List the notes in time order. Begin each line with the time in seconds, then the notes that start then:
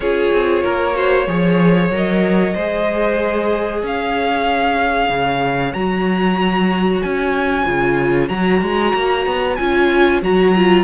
0.00 C#4 F4 G#4 C#5
0.31 C4
0.62 A#3 A#4
0.93 F#4 C5
1.27 F3 G#4 C#5
1.90 F#3 A#4 D#5
2.53 G#3 G#4 C5
3.81 C#4 C#5 F5
5.09 C#3
5.73 F#3 F#4 A#5
7.01 C#4 G#5
7.64 C#3 F4
8.28 F#3 F#4 A#5
8.61 G#3
8.94 A#3
9.26 B3
9.55 C#4 F4 G#5
10.21 F#3 F#4 A#5
10.55 F4